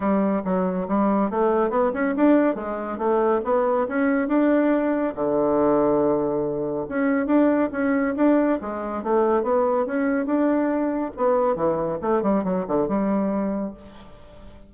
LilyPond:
\new Staff \with { instrumentName = "bassoon" } { \time 4/4 \tempo 4 = 140 g4 fis4 g4 a4 | b8 cis'8 d'4 gis4 a4 | b4 cis'4 d'2 | d1 |
cis'4 d'4 cis'4 d'4 | gis4 a4 b4 cis'4 | d'2 b4 e4 | a8 g8 fis8 d8 g2 | }